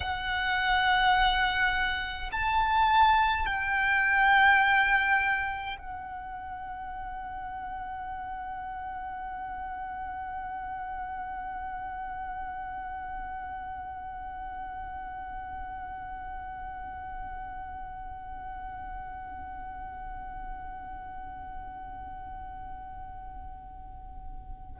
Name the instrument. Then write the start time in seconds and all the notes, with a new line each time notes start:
violin
0.00 F#5
2.31 A5
3.46 G5
5.78 F#5